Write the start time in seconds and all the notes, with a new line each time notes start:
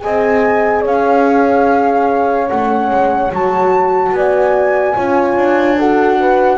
0.00 C4 G#4 D#5 G#5
0.82 C#4 C#5 F5
2.49 A3 C#4 F#5
2.91 G#3
3.32 F#3 F#4 A5
4.12 B3 D5 G#5
4.96 C#4 F4 C#5
5.36 D4
5.78 F#4 A4 F#5
6.20 B4